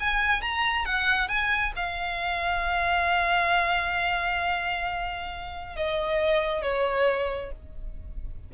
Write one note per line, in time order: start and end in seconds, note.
0.00 0.42 G#5
0.42 0.85 A#5
0.85 1.28 F#5
1.28 1.73 G#5
1.76 5.76 F5
5.76 6.62 D#5
6.62 7.51 C#5